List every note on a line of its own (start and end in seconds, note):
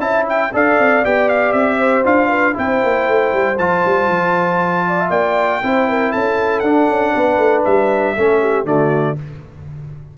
0.00 0.51 C#4
0.00 0.51 E4
0.00 0.53 E5
0.00 0.26 A5
0.29 0.55 G5
0.53 0.79 D4
0.53 1.04 A4
0.53 1.79 D5
0.53 1.05 F5
0.79 1.05 C4
1.05 1.53 B3
1.05 2.05 G4
1.05 1.29 G5
1.29 1.53 F5
1.53 2.04 C4
1.53 2.04 E5
1.79 2.29 C5
2.05 2.57 D4
2.05 2.54 F4
2.05 2.57 F5
2.29 2.54 B4
2.54 2.84 C4
2.54 3.56 E4
2.54 3.59 G5
2.61 4.88 C5
2.84 3.08 A#3
3.08 3.33 A3
3.33 3.59 G3
3.59 3.84 F3
3.59 5.63 F4
3.59 5.11 A5
3.86 4.09 G3
4.09 5.10 F3
4.88 5.00 D5
5.00 5.11 E5
5.10 5.61 A#3
5.10 5.62 D5
5.10 6.12 G5
5.63 6.14 C4
5.63 6.65 E4
5.63 5.89 C5
5.89 6.12 A#4
6.12 6.63 C#4
6.12 7.14 A4
6.12 6.60 A5
6.60 6.88 D4
6.60 8.17 D4
6.60 7.62 F#5
6.89 7.14 C#4
7.14 7.38 B3
7.14 8.16 B4
7.38 7.63 A3
7.65 8.18 G3
7.65 8.66 E5
8.16 8.65 A3
8.16 8.65 C#4
8.16 8.41 A4
8.41 8.66 G4
8.65 9.16 D3
8.65 9.16 A3
8.65 9.17 F#4
8.65 9.18 D5